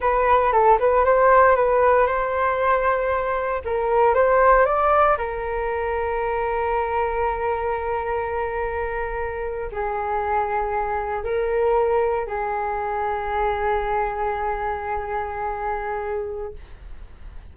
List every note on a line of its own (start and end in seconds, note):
0.00 0.52 B4
0.52 0.78 A4
0.79 1.04 B4
1.04 1.55 C5
1.55 2.06 B4
2.06 3.62 C5
3.64 4.14 A#4
4.14 4.65 C5
4.65 5.17 D5
5.17 9.70 A#4
9.71 11.24 G#4
11.24 12.26 A#4
12.26 16.53 G#4